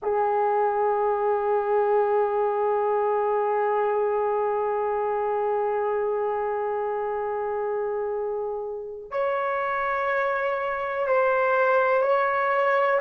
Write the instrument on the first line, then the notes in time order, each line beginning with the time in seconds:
horn
0.02 G#4
9.10 C#5
11.07 C5
12.02 C#5